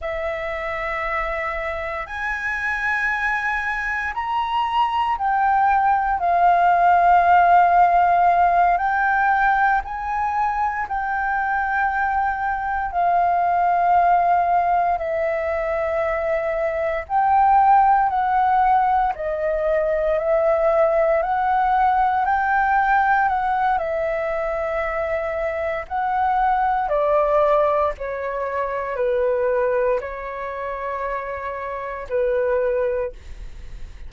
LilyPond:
\new Staff \with { instrumentName = "flute" } { \time 4/4 \tempo 4 = 58 e''2 gis''2 | ais''4 g''4 f''2~ | f''8 g''4 gis''4 g''4.~ | g''8 f''2 e''4.~ |
e''8 g''4 fis''4 dis''4 e''8~ | e''8 fis''4 g''4 fis''8 e''4~ | e''4 fis''4 d''4 cis''4 | b'4 cis''2 b'4 | }